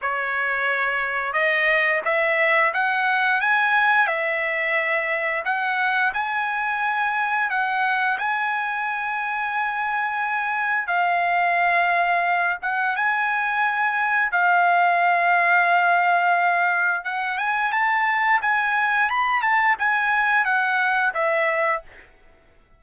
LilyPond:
\new Staff \with { instrumentName = "trumpet" } { \time 4/4 \tempo 4 = 88 cis''2 dis''4 e''4 | fis''4 gis''4 e''2 | fis''4 gis''2 fis''4 | gis''1 |
f''2~ f''8 fis''8 gis''4~ | gis''4 f''2.~ | f''4 fis''8 gis''8 a''4 gis''4 | b''8 a''8 gis''4 fis''4 e''4 | }